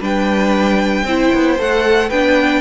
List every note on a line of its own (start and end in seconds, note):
0.00 1.04 G3
0.00 1.05 D4
0.00 1.04 B4
0.00 1.60 G5
1.04 1.30 C4
1.04 1.58 E4
1.04 2.08 C5
1.34 1.59 B3
1.58 2.11 A3
1.58 2.10 A4
1.58 2.10 F#5
2.08 2.60 B3
2.08 2.60 D4
2.08 2.60 B4
2.08 2.60 G5